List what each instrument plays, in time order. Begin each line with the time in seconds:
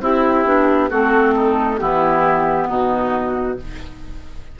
0.00 bassoon C4, clarinet E4, oboe E4, flute G4
0.45 bassoon B3, clarinet D4
0.90 bassoon A3, clarinet C4, oboe F#4, flute A4
1.35 oboe D#4
1.78 bassoon E3, clarinet B3, oboe E4, flute G4
2.68 bassoon B2, oboe D#4, flute F#4